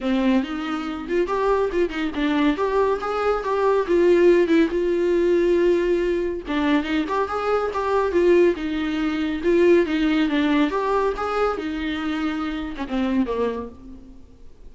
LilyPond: \new Staff \with { instrumentName = "viola" } { \time 4/4 \tempo 4 = 140 c'4 dis'4. f'8 g'4 | f'8 dis'8 d'4 g'4 gis'4 | g'4 f'4. e'8 f'4~ | f'2. d'4 |
dis'8 g'8 gis'4 g'4 f'4 | dis'2 f'4 dis'4 | d'4 g'4 gis'4 dis'4~ | dis'4.~ dis'16 cis'16 c'4 ais4 | }